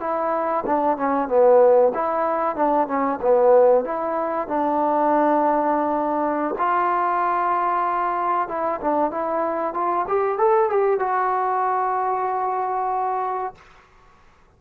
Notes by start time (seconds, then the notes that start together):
0.00 E4
0.66 D4
0.97 C#4
1.28 B3
1.94 E4
2.55 D4
2.87 C#4
3.21 B3
3.84 E4
4.47 D4
6.58 F4
8.48 E4
8.81 D4
9.11 E4
9.73 F4
10.07 G4
10.38 A4
10.69 G4
10.99 F#4